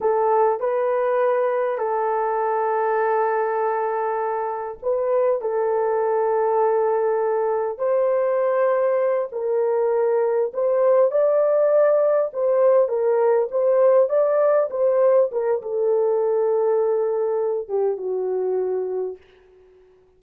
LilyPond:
\new Staff \with { instrumentName = "horn" } { \time 4/4 \tempo 4 = 100 a'4 b'2 a'4~ | a'1 | b'4 a'2.~ | a'4 c''2~ c''8 ais'8~ |
ais'4. c''4 d''4.~ | d''8 c''4 ais'4 c''4 d''8~ | d''8 c''4 ais'8 a'2~ | a'4. g'8 fis'2 | }